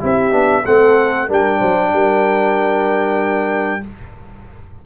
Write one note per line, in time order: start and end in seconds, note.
0.00 0.32 C4
0.00 0.31 E4
0.00 0.63 G4
0.00 0.66 E5
0.31 0.64 B3
0.31 0.63 D4
0.65 1.29 A3
0.65 1.28 C4
0.65 1.28 A4
0.65 1.29 F#5
1.28 1.61 G3
1.28 3.81 D4
1.28 1.59 A#4
1.28 3.86 G5
1.59 1.93 F#3
1.59 1.90 C5
1.93 3.82 G3
1.93 3.83 A#4